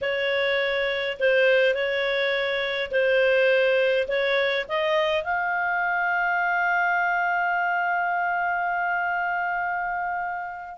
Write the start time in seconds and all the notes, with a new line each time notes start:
0.01 C#5
1.19 C5
1.74 C#5
2.91 C5
4.08 C#5
4.68 D#5
5.23 F5